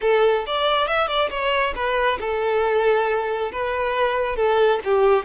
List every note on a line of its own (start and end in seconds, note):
0.01 0.45 A4
0.46 0.87 D5
0.87 1.07 E5
1.07 1.29 D5
1.30 1.73 C#5
1.75 2.19 B4
2.20 3.51 A4
3.52 4.36 B4
4.36 4.79 A4
4.84 5.25 G4